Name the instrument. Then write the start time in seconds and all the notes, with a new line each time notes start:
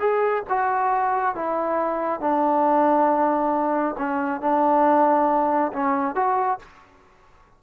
trombone
0.00 G#4
0.50 F#4
1.36 E4
2.21 D4
3.99 C#4
4.41 D4
5.73 C#4
6.16 F#4